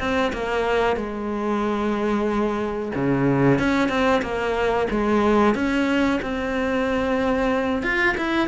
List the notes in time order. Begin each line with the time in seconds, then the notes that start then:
0.00 C4
0.33 A#3
0.97 G#3
2.95 C#3
3.59 C#4
3.90 C4
4.22 A#3
4.91 G#3
5.55 C#4
6.23 C4
7.83 F4
8.18 E4